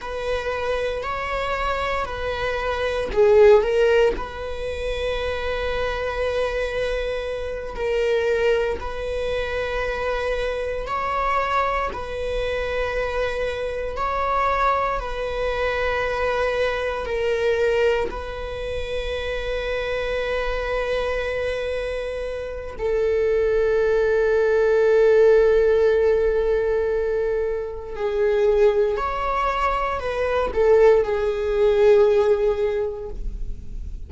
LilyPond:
\new Staff \with { instrumentName = "viola" } { \time 4/4 \tempo 4 = 58 b'4 cis''4 b'4 gis'8 ais'8 | b'2.~ b'8 ais'8~ | ais'8 b'2 cis''4 b'8~ | b'4. cis''4 b'4.~ |
b'8 ais'4 b'2~ b'8~ | b'2 a'2~ | a'2. gis'4 | cis''4 b'8 a'8 gis'2 | }